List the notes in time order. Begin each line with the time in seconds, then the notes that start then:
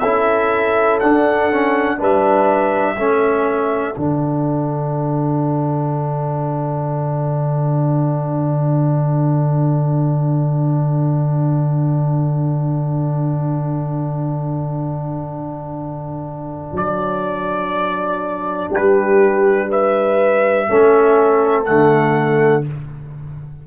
0.00 C#4 E4 A4 E5
1.00 D4 F#5
1.51 C#4
1.98 G3 D4 B4 E5
2.95 A3 C#4 A4
3.96 D3 D4 F#5
16.72 F#3 D5
18.71 G3 G4 B4
19.69 B4 E5
20.69 A3 C#4 A4
21.65 D3 A3 F#5